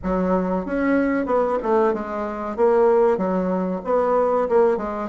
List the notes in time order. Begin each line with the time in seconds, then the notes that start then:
0.03 F#3
0.65 C#4
1.26 B3
1.62 A3
1.93 G#3
2.56 A#3
3.17 F#3
3.84 B3
4.49 A#3
4.77 G#3